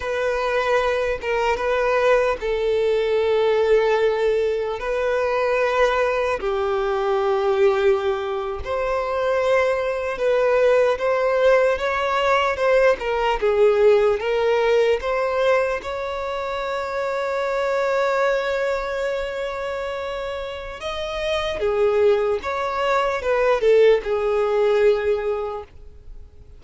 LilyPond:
\new Staff \with { instrumentName = "violin" } { \time 4/4 \tempo 4 = 75 b'4. ais'8 b'4 a'4~ | a'2 b'2 | g'2~ g'8. c''4~ c''16~ | c''8. b'4 c''4 cis''4 c''16~ |
c''16 ais'8 gis'4 ais'4 c''4 cis''16~ | cis''1~ | cis''2 dis''4 gis'4 | cis''4 b'8 a'8 gis'2 | }